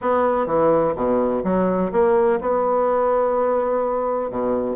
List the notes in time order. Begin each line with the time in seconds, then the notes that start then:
0.01 B3
0.46 E3
0.95 B2
1.44 F#3
1.92 A#3
2.40 B3
4.30 B2